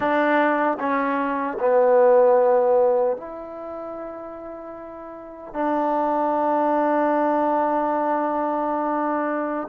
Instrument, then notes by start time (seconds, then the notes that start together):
trombone
0.00 D4
0.79 C#4
1.59 B3
3.17 E4
5.53 D4